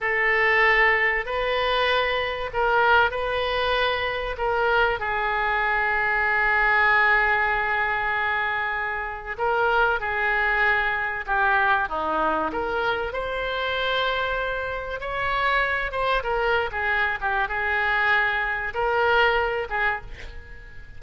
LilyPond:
\new Staff \with { instrumentName = "oboe" } { \time 4/4 \tempo 4 = 96 a'2 b'2 | ais'4 b'2 ais'4 | gis'1~ | gis'2. ais'4 |
gis'2 g'4 dis'4 | ais'4 c''2. | cis''4. c''8 ais'8. gis'8. g'8 | gis'2 ais'4. gis'8 | }